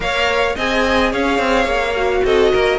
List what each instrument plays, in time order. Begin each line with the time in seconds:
0.00 cello A#3, viola A#4, violin C#5 F5
0.55 cello C4, viola G#4, violin D#5 G#5
1.12 cello C#4, violin C#5 F5
1.38 cello C4
1.65 cello A#3
1.96 viola F#4
2.24 cello C4, violin A4 D#5
2.52 cello A#3, violin A#4